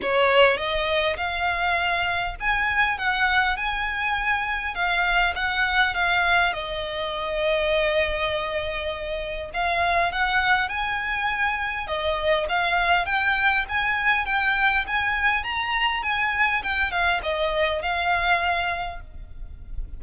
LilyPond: \new Staff \with { instrumentName = "violin" } { \time 4/4 \tempo 4 = 101 cis''4 dis''4 f''2 | gis''4 fis''4 gis''2 | f''4 fis''4 f''4 dis''4~ | dis''1 |
f''4 fis''4 gis''2 | dis''4 f''4 g''4 gis''4 | g''4 gis''4 ais''4 gis''4 | g''8 f''8 dis''4 f''2 | }